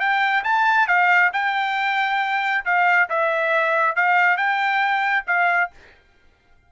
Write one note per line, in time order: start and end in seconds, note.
0.00 0.44 G5
0.44 0.88 A5
0.88 1.31 F5
1.33 2.65 G5
2.65 3.09 F5
3.10 3.96 E5
3.96 4.38 F5
4.38 5.25 G5
5.27 5.71 F5